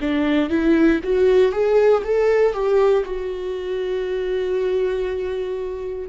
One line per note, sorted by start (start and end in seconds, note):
0.00 0.49 D4
0.49 1.00 E4
1.03 1.52 F#4
1.52 2.02 G#4
2.03 2.53 A4
2.53 3.04 G4
3.05 6.08 F#4